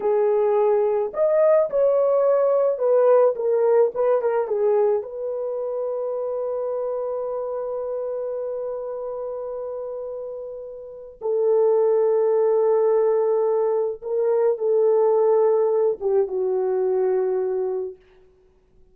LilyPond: \new Staff \with { instrumentName = "horn" } { \time 4/4 \tempo 4 = 107 gis'2 dis''4 cis''4~ | cis''4 b'4 ais'4 b'8 ais'8 | gis'4 b'2.~ | b'1~ |
b'1 | a'1~ | a'4 ais'4 a'2~ | a'8 g'8 fis'2. | }